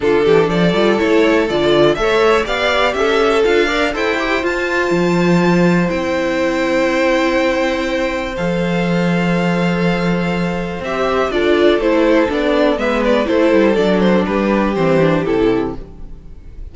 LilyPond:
<<
  \new Staff \with { instrumentName = "violin" } { \time 4/4 \tempo 4 = 122 a'4 d''4 cis''4 d''4 | e''4 f''4 e''4 f''4 | g''4 a''2. | g''1~ |
g''4 f''2.~ | f''2 e''4 d''4 | c''4 d''4 e''8 d''8 c''4 | d''8 c''8 b'4 c''4 a'4 | }
  \new Staff \with { instrumentName = "violin" } { \time 4/4 f'8 g'8 a'2. | cis''4 d''4 a'4. d''8 | c''1~ | c''1~ |
c''1~ | c''2. a'4~ | a'2 b'4 a'4~ | a'4 g'2. | }
  \new Staff \with { instrumentName = "viola" } { \time 4/4 d'4. f'8 e'4 f'4 | a'4 g'2 f'8 ais'8 | a'8 g'8 f'2. | e'1~ |
e'4 a'2.~ | a'2 g'4 f'4 | e'4 d'4 b4 e'4 | d'2 c'8 d'8 e'4 | }
  \new Staff \with { instrumentName = "cello" } { \time 4/4 d8 e8 f8 g8 a4 d4 | a4 b4 cis'4 d'4 | e'4 f'4 f2 | c'1~ |
c'4 f2.~ | f2 c'4 d'4 | a4 b4 gis4 a8 g8 | fis4 g4 e4 c4 | }
>>